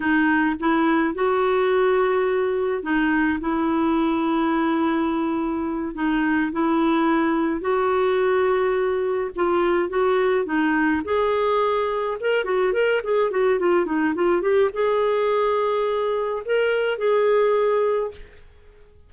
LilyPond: \new Staff \with { instrumentName = "clarinet" } { \time 4/4 \tempo 4 = 106 dis'4 e'4 fis'2~ | fis'4 dis'4 e'2~ | e'2~ e'8 dis'4 e'8~ | e'4. fis'2~ fis'8~ |
fis'8 f'4 fis'4 dis'4 gis'8~ | gis'4. ais'8 fis'8 ais'8 gis'8 fis'8 | f'8 dis'8 f'8 g'8 gis'2~ | gis'4 ais'4 gis'2 | }